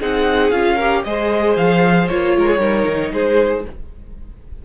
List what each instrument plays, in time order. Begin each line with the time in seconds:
0.00 cello C4, viola D#4, violin G#4 F#5
0.51 cello C#4, viola F4, violin F5
0.76 viola G4, violin A#4
1.04 cello G#3, viola G#4, violin C5 D#5
1.57 cello F3, violin F5
2.09 cello A#3, viola F4, violin C#5
2.37 cello G#3, violin A#4
2.49 violin G#4
2.58 cello G3, viola D#4, violin A#4
2.87 cello D#3
3.13 cello G#3, violin G#4 C5